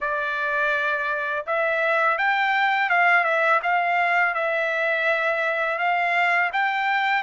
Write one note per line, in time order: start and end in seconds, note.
0.00 1.45 D5
1.46 2.18 E5
2.18 2.89 G5
2.89 3.24 F5
3.24 3.60 E5
3.62 4.34 F5
4.34 5.78 E5
5.78 6.50 F5
6.52 7.22 G5